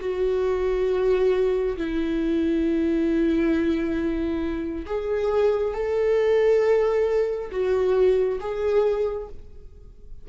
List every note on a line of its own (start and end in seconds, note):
0.00 1.76 F#4
1.77 4.86 E4
4.86 5.74 G#4
5.74 7.50 A4
7.51 8.39 F#4
8.40 9.28 G#4